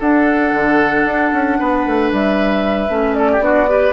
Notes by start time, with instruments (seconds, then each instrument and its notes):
0.00 bassoon D4, clarinet D4, oboe A4, flute F#5
0.53 bassoon D3
1.05 bassoon D4
1.33 bassoon C#4
1.60 bassoon B3, oboe B4
1.87 bassoon A3
2.12 bassoon G3, flute E5
2.89 bassoon A3, clarinet C#4
3.15 oboe A4, flute D5
3.32 oboe G4
3.40 bassoon B3, clarinet D4, oboe F#4
3.69 clarinet G4, oboe B4